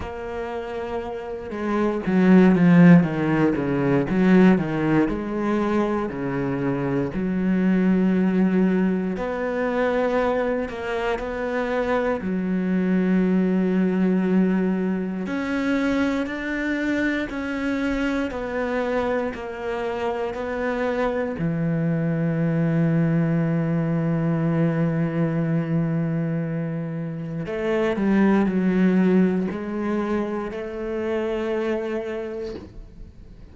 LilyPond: \new Staff \with { instrumentName = "cello" } { \time 4/4 \tempo 4 = 59 ais4. gis8 fis8 f8 dis8 cis8 | fis8 dis8 gis4 cis4 fis4~ | fis4 b4. ais8 b4 | fis2. cis'4 |
d'4 cis'4 b4 ais4 | b4 e2.~ | e2. a8 g8 | fis4 gis4 a2 | }